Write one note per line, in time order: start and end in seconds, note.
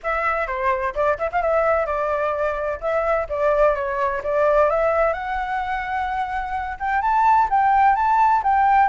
0.03 0.47 E5
0.47 0.94 C5
0.94 1.18 D5
1.18 1.30 E5
1.31 1.41 F5
1.41 1.86 E5
1.86 2.79 D5
2.80 3.27 E5
3.29 3.75 D5
3.75 4.22 C#5
4.23 4.70 D5
4.70 5.13 E5
5.13 6.77 F#5
6.79 7.01 G5
7.01 7.48 A5
7.49 7.95 G5
7.95 8.42 A5
8.43 8.88 G5